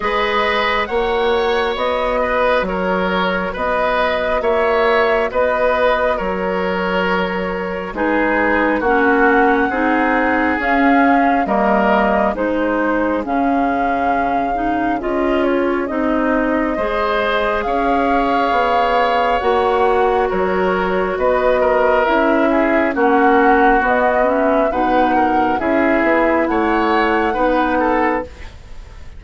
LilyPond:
<<
  \new Staff \with { instrumentName = "flute" } { \time 4/4 \tempo 4 = 68 dis''4 fis''4 dis''4 cis''4 | dis''4 e''4 dis''4 cis''4~ | cis''4 b'4 fis''2 | f''4 dis''4 c''4 f''4~ |
f''4 dis''8 cis''8 dis''2 | f''2 fis''4 cis''4 | dis''4 e''4 fis''4 dis''8 e''8 | fis''4 e''4 fis''2 | }
  \new Staff \with { instrumentName = "oboe" } { \time 4/4 b'4 cis''4. b'8 ais'4 | b'4 cis''4 b'4 ais'4~ | ais'4 gis'4 fis'4 gis'4~ | gis'4 ais'4 gis'2~ |
gis'2. c''4 | cis''2. ais'4 | b'8 ais'4 gis'8 fis'2 | b'8 ais'8 gis'4 cis''4 b'8 a'8 | }
  \new Staff \with { instrumentName = "clarinet" } { \time 4/4 gis'4 fis'2.~ | fis'1~ | fis'4 dis'4 cis'4 dis'4 | cis'4 ais4 dis'4 cis'4~ |
cis'8 dis'8 f'4 dis'4 gis'4~ | gis'2 fis'2~ | fis'4 e'4 cis'4 b8 cis'8 | dis'4 e'2 dis'4 | }
  \new Staff \with { instrumentName = "bassoon" } { \time 4/4 gis4 ais4 b4 fis4 | b4 ais4 b4 fis4~ | fis4 gis4 ais4 c'4 | cis'4 g4 gis4 cis4~ |
cis4 cis'4 c'4 gis4 | cis'4 b4 ais4 fis4 | b4 cis'4 ais4 b4 | b,4 cis'8 b8 a4 b4 | }
>>